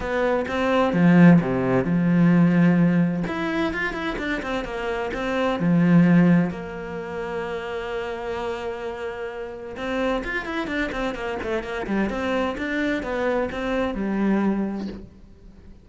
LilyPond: \new Staff \with { instrumentName = "cello" } { \time 4/4 \tempo 4 = 129 b4 c'4 f4 c4 | f2. e'4 | f'8 e'8 d'8 c'8 ais4 c'4 | f2 ais2~ |
ais1~ | ais4 c'4 f'8 e'8 d'8 c'8 | ais8 a8 ais8 g8 c'4 d'4 | b4 c'4 g2 | }